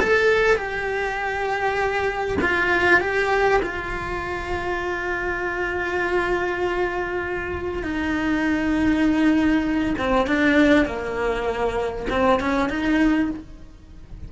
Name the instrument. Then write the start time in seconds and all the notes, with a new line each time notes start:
cello
0.00 A4
0.56 G4
2.42 F4
3.01 G4
3.63 F4
7.83 D#4
9.98 C4
10.27 D4
10.86 A#3
12.10 C4
12.40 C#4
12.70 D#4